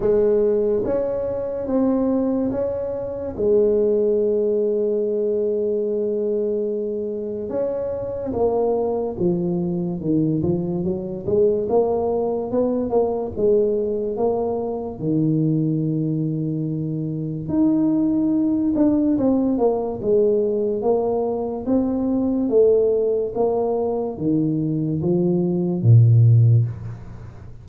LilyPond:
\new Staff \with { instrumentName = "tuba" } { \time 4/4 \tempo 4 = 72 gis4 cis'4 c'4 cis'4 | gis1~ | gis4 cis'4 ais4 f4 | dis8 f8 fis8 gis8 ais4 b8 ais8 |
gis4 ais4 dis2~ | dis4 dis'4. d'8 c'8 ais8 | gis4 ais4 c'4 a4 | ais4 dis4 f4 ais,4 | }